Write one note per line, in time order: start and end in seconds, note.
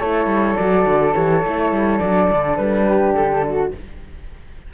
0.00 0.27 A3
0.00 0.59 E4
0.00 2.87 A4
0.00 0.57 C#5
0.27 0.55 G3
0.57 0.86 F#3
0.57 1.15 F#4
0.57 1.14 D5
0.86 1.14 D3
1.15 1.45 E3
1.15 1.43 G4
1.15 1.99 C#5
1.45 1.72 A3
1.45 2.02 E4
1.72 2.01 G3
1.99 2.31 F#3
1.99 3.73 D4
1.99 2.56 D5
2.31 2.58 D3
2.57 3.15 G3
2.57 3.14 B4
2.88 3.45 G4
3.15 3.72 D3
3.15 3.72 A4
3.45 3.74 F#4